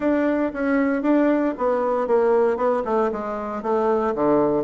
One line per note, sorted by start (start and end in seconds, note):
0.00 0.51 D4
0.53 1.02 C#4
1.02 1.54 D4
1.57 2.07 B3
2.07 2.56 A#3
2.56 2.82 B3
2.84 3.10 A3
3.12 3.62 G#3
3.62 4.14 A3
4.14 4.63 D3